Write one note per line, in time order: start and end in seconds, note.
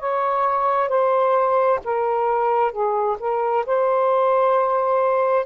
0.00 0.89 C#5
0.89 1.80 C5
1.85 2.72 A#4
2.72 3.17 G#4
3.20 3.66 A#4
3.67 5.46 C5